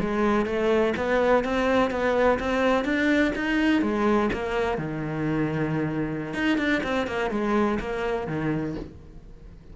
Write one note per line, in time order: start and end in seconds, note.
0.00 0.46 G#3
0.46 0.94 A3
0.97 1.44 B3
1.44 1.90 C4
1.90 2.38 B3
2.40 2.84 C4
2.84 3.32 D4
3.36 3.82 D#4
3.82 4.30 G#3
4.33 4.78 A#3
4.78 6.34 D#3
6.34 6.58 D#4
6.58 6.82 D4
6.83 7.07 C4
7.07 7.31 A#3
7.31 7.79 G#3
7.80 8.27 A#3
8.27 8.75 D#3